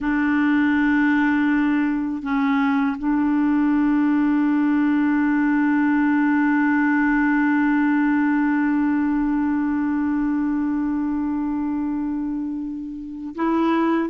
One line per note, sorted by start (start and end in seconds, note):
0.00 2.22 D4
2.22 2.96 C#4
2.98 13.35 D4
13.35 14.09 E4